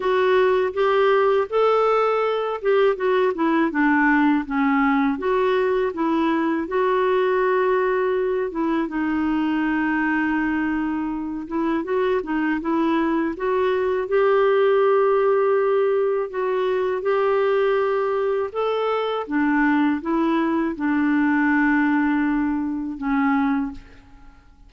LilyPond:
\new Staff \with { instrumentName = "clarinet" } { \time 4/4 \tempo 4 = 81 fis'4 g'4 a'4. g'8 | fis'8 e'8 d'4 cis'4 fis'4 | e'4 fis'2~ fis'8 e'8 | dis'2.~ dis'8 e'8 |
fis'8 dis'8 e'4 fis'4 g'4~ | g'2 fis'4 g'4~ | g'4 a'4 d'4 e'4 | d'2. cis'4 | }